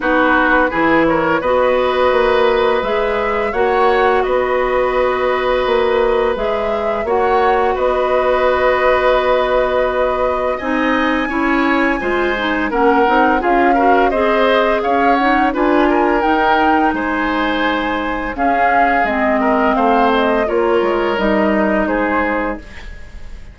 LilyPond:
<<
  \new Staff \with { instrumentName = "flute" } { \time 4/4 \tempo 4 = 85 b'4. cis''8 dis''2 | e''4 fis''4 dis''2~ | dis''4 e''4 fis''4 dis''4~ | dis''2. gis''4~ |
gis''2 fis''4 f''4 | dis''4 f''8 fis''8 gis''4 g''4 | gis''2 f''4 dis''4 | f''8 dis''8 cis''4 dis''4 c''4 | }
  \new Staff \with { instrumentName = "oboe" } { \time 4/4 fis'4 gis'8 ais'8 b'2~ | b'4 cis''4 b'2~ | b'2 cis''4 b'4~ | b'2. dis''4 |
cis''4 c''4 ais'4 gis'8 ais'8 | c''4 cis''4 b'8 ais'4. | c''2 gis'4. ais'8 | c''4 ais'2 gis'4 | }
  \new Staff \with { instrumentName = "clarinet" } { \time 4/4 dis'4 e'4 fis'2 | gis'4 fis'2.~ | fis'4 gis'4 fis'2~ | fis'2. dis'4 |
e'4 f'8 dis'8 cis'8 dis'8 f'8 fis'8 | gis'4. dis'8 f'4 dis'4~ | dis'2 cis'4 c'4~ | c'4 f'4 dis'2 | }
  \new Staff \with { instrumentName = "bassoon" } { \time 4/4 b4 e4 b4 ais4 | gis4 ais4 b2 | ais4 gis4 ais4 b4~ | b2. c'4 |
cis'4 gis4 ais8 c'8 cis'4 | c'4 cis'4 d'4 dis'4 | gis2 cis'4 gis4 | a4 ais8 gis8 g4 gis4 | }
>>